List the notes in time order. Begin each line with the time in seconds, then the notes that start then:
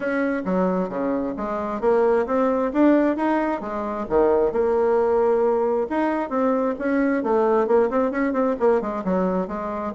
0.00 C#4
0.45 F#3
0.89 C#3
1.36 G#3
1.80 A#3
2.26 C4
2.73 D4
3.16 D#4
3.60 G#3
4.09 D#3
4.52 A#3
5.89 D#4
6.29 C4
6.78 C#4
7.23 A3
7.67 A#3
7.90 C4
8.11 C#4
8.33 C4
8.59 A#3
8.81 G#3
9.04 F#3
9.47 G#3